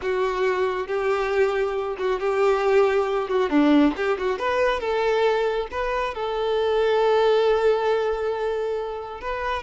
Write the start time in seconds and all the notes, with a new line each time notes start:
0.02 F#4
0.87 G4
1.97 F#4
2.20 G4
3.28 F#4
3.49 D4
3.96 G4
4.18 F#4
4.38 B4
4.80 A4
5.71 B4
6.14 A4
9.20 B4